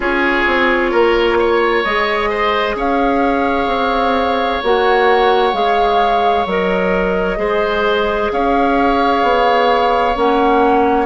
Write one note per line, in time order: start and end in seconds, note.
0.00 0.44 C#4
0.00 1.85 F4
0.00 0.91 G#4
0.00 1.83 C#5
0.46 0.92 C4
0.91 1.84 A#3
0.91 1.37 A#4
1.38 2.29 C#5
1.83 2.75 G#3
1.83 4.63 G#4
1.83 2.76 D#5
2.29 2.75 C5
2.75 3.66 C#4
2.75 7.38 C#5
2.75 4.63 F5
3.66 4.59 C4
4.63 5.53 A#3
4.63 5.52 F#4
4.63 5.54 F#5
5.52 6.45 G#3
5.52 6.45 G#4
5.52 6.46 F5
6.46 7.37 F#3
6.46 7.37 A#4
6.46 8.32 D#5
7.37 8.29 G#3
7.37 10.13 G#4
7.37 8.31 C5
8.32 9.22 C#4
8.32 11.05 C#5
8.32 10.16 F5
9.22 10.15 B3
10.15 11.05 A#3
10.15 11.05 C#4
10.15 11.05 F#5